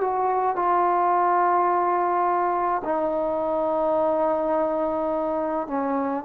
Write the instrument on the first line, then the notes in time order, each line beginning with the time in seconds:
trombone
0.00 F#4
0.56 F4
2.84 D#4
5.67 C#4